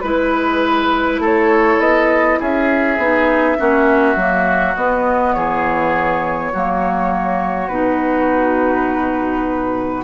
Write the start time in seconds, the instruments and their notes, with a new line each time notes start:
0.00 bassoon G#3, clarinet E4, flute B4, oboe B4
1.18 bassoon A3, oboe A4
1.25 flute C#5
1.78 bassoon B3, flute D#5
2.39 bassoon C#4, oboe G#4, flute E5
2.97 bassoon B3, clarinet D#4
3.57 bassoon A#3, clarinet C#4, oboe F#4
4.15 bassoon F#3, clarinet A#3
4.75 bassoon B3, clarinet B3, flute D#5
5.33 bassoon E3, oboe G#4, flute C#5
6.52 bassoon F#3, clarinet A#3, oboe F#4
7.68 bassoon B2, clarinet D#4, flute B4